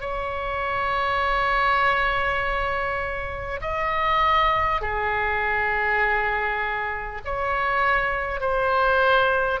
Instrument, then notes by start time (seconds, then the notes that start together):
oboe
0.00 C#5
3.61 D#5
4.81 G#4
7.24 C#5
8.40 C5